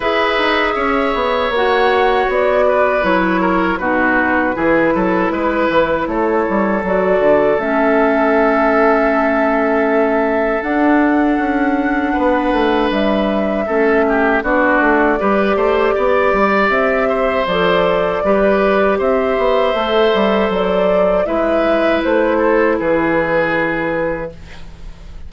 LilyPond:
<<
  \new Staff \with { instrumentName = "flute" } { \time 4/4 \tempo 4 = 79 e''2 fis''4 d''4 | cis''4 b'2. | cis''4 d''4 e''2~ | e''2 fis''2~ |
fis''4 e''2 d''4~ | d''2 e''4 d''4~ | d''4 e''2 d''4 | e''4 c''4 b'2 | }
  \new Staff \with { instrumentName = "oboe" } { \time 4/4 b'4 cis''2~ cis''8 b'8~ | b'8 ais'8 fis'4 gis'8 a'8 b'4 | a'1~ | a'1 |
b'2 a'8 g'8 fis'4 | b'8 c''8 d''4. c''4. | b'4 c''2. | b'4. a'8 gis'2 | }
  \new Staff \with { instrumentName = "clarinet" } { \time 4/4 gis'2 fis'2 | e'4 dis'4 e'2~ | e'4 fis'4 cis'2~ | cis'2 d'2~ |
d'2 cis'4 d'4 | g'2. a'4 | g'2 a'2 | e'1 | }
  \new Staff \with { instrumentName = "bassoon" } { \time 4/4 e'8 dis'8 cis'8 b8 ais4 b4 | fis4 b,4 e8 fis8 gis8 e8 | a8 g8 fis8 d8 a2~ | a2 d'4 cis'4 |
b8 a8 g4 a4 b8 a8 | g8 a8 b8 g8 c'4 f4 | g4 c'8 b8 a8 g8 fis4 | gis4 a4 e2 | }
>>